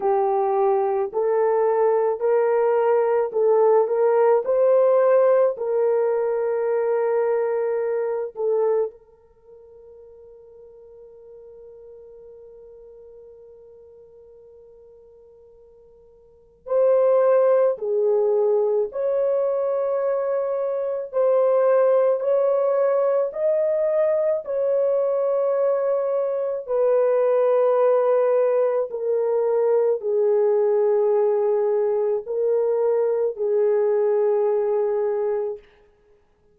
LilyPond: \new Staff \with { instrumentName = "horn" } { \time 4/4 \tempo 4 = 54 g'4 a'4 ais'4 a'8 ais'8 | c''4 ais'2~ ais'8 a'8 | ais'1~ | ais'2. c''4 |
gis'4 cis''2 c''4 | cis''4 dis''4 cis''2 | b'2 ais'4 gis'4~ | gis'4 ais'4 gis'2 | }